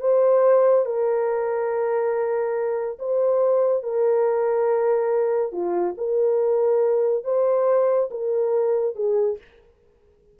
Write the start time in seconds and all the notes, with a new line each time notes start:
0.00 C5
0.85 A#4
2.99 C5
3.83 A#4
5.52 F4
5.97 A#4
7.24 C5
8.10 A#4
8.95 G#4